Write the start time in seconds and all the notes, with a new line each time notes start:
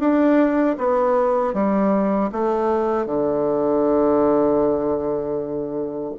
0.00 D4
0.78 B3
1.54 G3
2.32 A3
3.06 D3